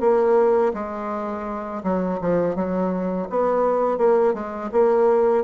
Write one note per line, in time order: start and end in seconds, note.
0.00 0.72 A#3
0.74 1.82 G#3
1.83 2.19 F#3
2.21 2.55 F3
2.55 3.28 F#3
3.30 3.98 B3
3.98 4.34 A#3
4.34 4.70 G#3
4.72 5.44 A#3